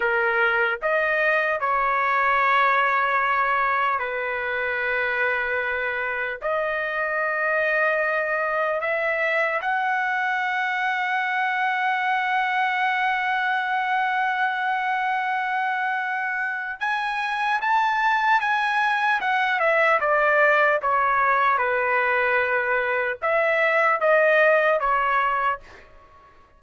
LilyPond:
\new Staff \with { instrumentName = "trumpet" } { \time 4/4 \tempo 4 = 75 ais'4 dis''4 cis''2~ | cis''4 b'2. | dis''2. e''4 | fis''1~ |
fis''1~ | fis''4 gis''4 a''4 gis''4 | fis''8 e''8 d''4 cis''4 b'4~ | b'4 e''4 dis''4 cis''4 | }